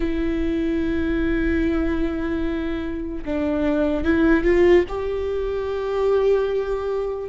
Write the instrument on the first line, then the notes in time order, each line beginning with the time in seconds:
viola
0.00 E4
3.25 D4
4.04 E4
4.44 F4
4.88 G4